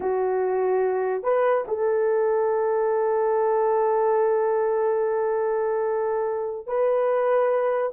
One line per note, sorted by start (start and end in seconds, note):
0.00 1.23 F#4
1.23 1.64 B4
1.67 6.66 A4
6.66 7.91 B4